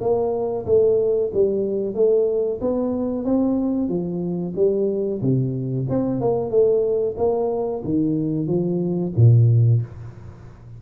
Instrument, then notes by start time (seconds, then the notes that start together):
tuba
0.00 A#3
0.66 A3
1.33 G3
1.94 A3
2.61 B3
3.24 C4
3.88 F3
4.55 G3
5.21 C3
5.89 C4
6.20 A#3
6.50 A3
7.17 A#3
7.84 D#3
8.46 F3
9.16 A#2